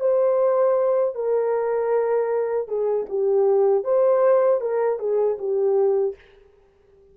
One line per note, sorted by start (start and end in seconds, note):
0.00 1.15 C5
1.15 2.68 A#4
2.68 3.06 G#4
3.09 3.84 G4
3.84 4.61 C5
4.61 4.99 A#4
4.99 5.38 G#4
5.38 6.15 G4